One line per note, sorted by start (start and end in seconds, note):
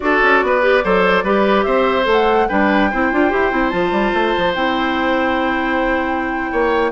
0.00 0.22 D4
0.00 0.61 F#4
0.00 0.44 A4
0.00 1.62 D5
0.22 0.42 C#4
0.42 0.83 B3
0.42 0.84 B4
0.61 0.82 G4
0.83 1.23 F#3
0.83 1.24 A4
0.83 1.24 C5
1.23 1.65 G3
1.23 2.03 G4
1.23 1.65 B4
1.62 2.07 C4
1.62 2.47 C5
1.62 2.04 E5
2.03 2.48 A3
2.03 2.44 A4
2.11 2.48 F#5
2.48 2.92 G3
2.48 2.91 D4
2.48 2.90 B4
2.48 3.69 G5
2.90 3.12 C4
2.90 3.12 E4
2.90 6.51 C5
3.12 3.32 D4
3.12 3.30 F4
3.30 3.52 E4
3.30 3.51 G4
3.51 3.72 C4
3.51 3.71 E4
3.69 3.91 F3
3.69 4.54 F4
3.69 4.52 A5
3.91 4.12 G3
4.13 4.34 A3
4.37 4.55 F3
4.54 6.51 C4
4.54 6.91 E4
4.54 6.91 G5
6.51 6.91 A#3
6.51 6.91 C#5